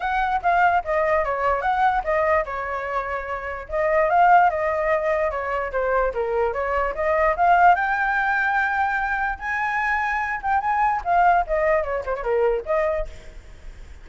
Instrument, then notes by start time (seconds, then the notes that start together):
flute
0.00 F#5
0.42 F5
0.84 D#5
1.24 C#5
1.61 F#5
2.04 D#5
2.45 C#5
3.68 D#5
4.09 F5
4.50 D#5
5.30 C#5
5.71 C5
6.13 A#4
6.53 C#5
6.94 D#5
7.36 F5
7.75 G5
9.38 G#5
10.42 G5
10.60 G#5
11.04 F5
11.46 D#5
11.83 C#5
12.05 C5
12.15 C#5
12.23 A#4
12.65 D#5